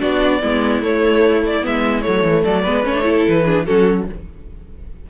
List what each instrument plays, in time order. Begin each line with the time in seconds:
0.00 cello B3, viola D4, violin F#4 D5
0.41 cello G#3, viola B3, violin E4
0.81 cello A3, viola A3, violin C#5
1.46 violin D5
1.61 cello G#3, viola B3, violin E5
2.01 viola A3, violin C#5
2.07 cello F#3
2.23 cello E3
2.43 cello F#3, violin A4 D5
2.62 cello G#3, viola B3, violin B4
2.84 cello A3, viola C#4, violin C#5
2.94 viola D4
3.03 viola E4, violin A4
3.28 cello E3, violin B4
3.45 viola D4, violin G#4
3.65 cello F#3, viola C#4, violin F#4 A4